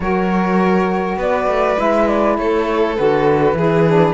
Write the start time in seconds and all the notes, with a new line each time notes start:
0.00 F#3 F#4 A#4 C#5
1.16 B3 B4 D5
1.47 A3
1.76 G#3 E4 E5
2.07 D5
2.37 A3 A4 C#5
2.95 D3 F#4 B4
3.52 E3 E4 G#4
3.87 D4